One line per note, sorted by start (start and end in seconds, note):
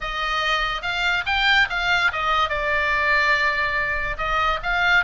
0.00 0.82 D#5
0.82 1.24 F5
1.26 1.68 G5
1.69 2.11 F5
2.12 2.49 D#5
2.49 4.17 D5
4.17 4.59 D#5
4.62 5.04 F5